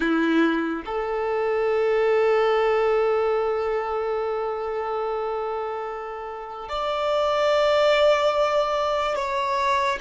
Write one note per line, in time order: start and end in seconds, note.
0.00 0.83 E4
0.85 6.68 A4
6.68 9.15 D5
9.15 9.98 C#5